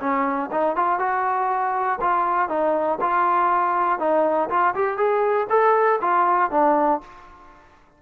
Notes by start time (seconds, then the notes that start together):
0.00 C#4
0.51 D#4
0.76 F4
0.99 F#4
2.01 F4
2.49 D#4
3.00 F4
3.99 D#4
4.49 F4
4.75 G4
4.97 G#4
5.49 A4
6.01 F4
6.51 D4